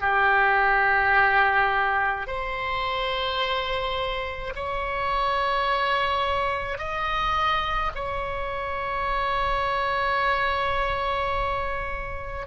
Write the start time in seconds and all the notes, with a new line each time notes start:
0.00 G4
2.27 C5
4.55 C#5
6.78 D#5
7.95 C#5